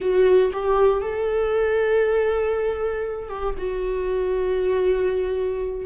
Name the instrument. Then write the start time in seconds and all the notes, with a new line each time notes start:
viola
0.00 F#4
0.52 G4
1.01 A4
3.29 G4
3.57 F#4